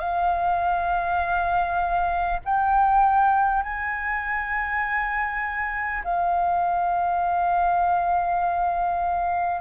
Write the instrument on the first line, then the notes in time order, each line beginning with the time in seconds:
flute
0.00 F5
2.45 G5
3.63 G#5
6.04 F5